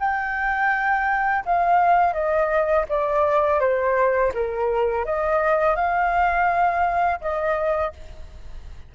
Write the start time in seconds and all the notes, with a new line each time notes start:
0.00 G5
1.45 F5
2.14 D#5
2.89 D5
3.60 C5
4.34 A#4
5.05 D#5
5.76 F5
7.21 D#5